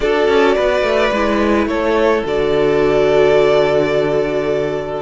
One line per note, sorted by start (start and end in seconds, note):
0.00 0.27 D4
0.00 1.13 F#4
0.00 0.55 A4
0.00 1.66 D5
0.27 0.55 C#4
0.55 0.82 B3
0.55 1.67 B4
0.82 1.10 A3
1.11 1.66 G#3
1.11 2.25 E4
1.66 2.22 A3
1.66 5.02 A4
1.66 2.23 C#5
2.25 5.02 D3
2.25 5.02 F#4
2.25 5.02 D5